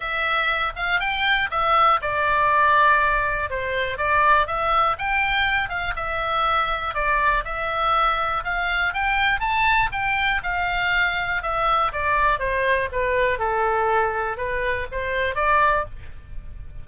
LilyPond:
\new Staff \with { instrumentName = "oboe" } { \time 4/4 \tempo 4 = 121 e''4. f''8 g''4 e''4 | d''2. c''4 | d''4 e''4 g''4. f''8 | e''2 d''4 e''4~ |
e''4 f''4 g''4 a''4 | g''4 f''2 e''4 | d''4 c''4 b'4 a'4~ | a'4 b'4 c''4 d''4 | }